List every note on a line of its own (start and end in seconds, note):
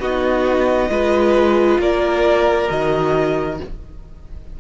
0.00 0.89 B3
0.00 0.90 D#4
0.00 0.90 F#4
0.00 1.80 D#5
0.89 1.79 G#3
0.89 2.68 F4
0.89 1.81 B4
1.79 2.69 A#3
1.79 3.60 A#4
1.79 2.71 D5
2.68 3.60 D#3
2.68 3.58 F#4
2.68 3.60 D#5